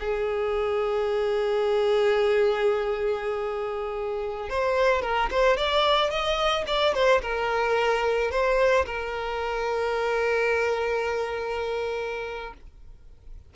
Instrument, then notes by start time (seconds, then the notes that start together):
violin
0.00 G#4
4.50 C5
5.02 A#4
5.31 C5
5.57 D5
6.10 D#5
6.67 D5
6.94 C5
7.22 A#4
8.31 C5
8.86 A#4